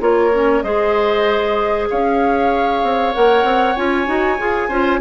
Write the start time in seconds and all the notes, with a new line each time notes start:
0.00 A#3 F4 A#4 C#5
0.34 C#4
0.62 G#3 G#4 C5 D#5
1.90 C#4 C#5 F5
2.83 C4
3.14 A#3 A#4 F#5
3.44 C4
3.76 C#4 F4 G#5
4.06 D#4 F#4
4.39 F4 G#4
4.69 C#4 F4 C5